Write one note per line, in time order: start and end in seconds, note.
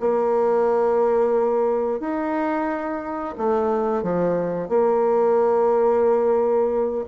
0.00 2.00 A#3
2.00 3.35 D#4
3.38 4.03 A3
4.03 4.69 F3
4.69 7.05 A#3